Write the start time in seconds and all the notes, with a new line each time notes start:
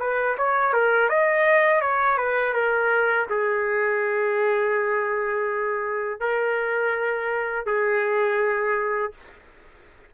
0.00 B4
0.38 C#5
0.74 A#4
1.10 D#5
1.82 C#5
2.18 B4
2.54 A#4
3.30 G#4
6.21 A#4
7.67 G#4